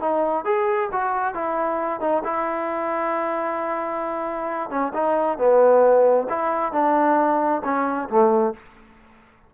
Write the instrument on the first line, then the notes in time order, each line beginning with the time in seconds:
trombone
0.00 D#4
0.45 G#4
0.92 F#4
1.34 E4
2.00 D#4
2.24 E4
4.70 C#4
4.94 D#4
5.38 B3
6.29 E4
6.72 D4
7.64 C#4
8.09 A3